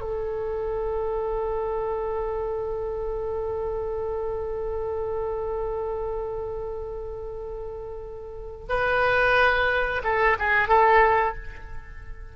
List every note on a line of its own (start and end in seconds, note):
0.00 8.67 A4
8.68 10.02 B4
10.03 10.37 A4
10.38 10.68 G#4
10.68 11.35 A4